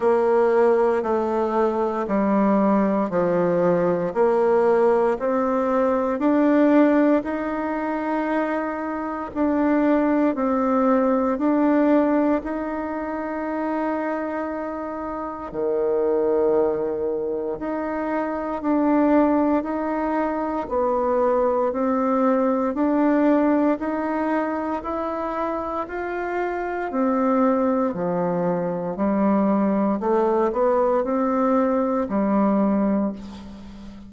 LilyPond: \new Staff \with { instrumentName = "bassoon" } { \time 4/4 \tempo 4 = 58 ais4 a4 g4 f4 | ais4 c'4 d'4 dis'4~ | dis'4 d'4 c'4 d'4 | dis'2. dis4~ |
dis4 dis'4 d'4 dis'4 | b4 c'4 d'4 dis'4 | e'4 f'4 c'4 f4 | g4 a8 b8 c'4 g4 | }